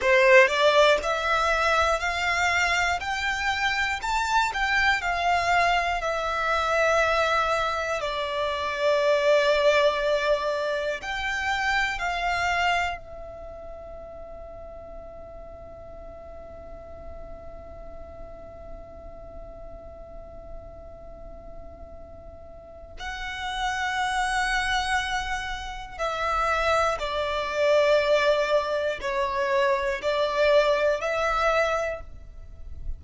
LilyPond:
\new Staff \with { instrumentName = "violin" } { \time 4/4 \tempo 4 = 60 c''8 d''8 e''4 f''4 g''4 | a''8 g''8 f''4 e''2 | d''2. g''4 | f''4 e''2.~ |
e''1~ | e''2. fis''4~ | fis''2 e''4 d''4~ | d''4 cis''4 d''4 e''4 | }